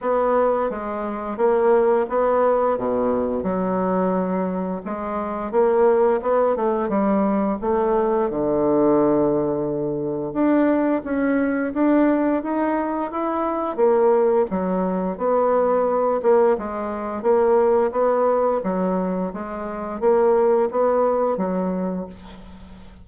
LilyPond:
\new Staff \with { instrumentName = "bassoon" } { \time 4/4 \tempo 4 = 87 b4 gis4 ais4 b4 | b,4 fis2 gis4 | ais4 b8 a8 g4 a4 | d2. d'4 |
cis'4 d'4 dis'4 e'4 | ais4 fis4 b4. ais8 | gis4 ais4 b4 fis4 | gis4 ais4 b4 fis4 | }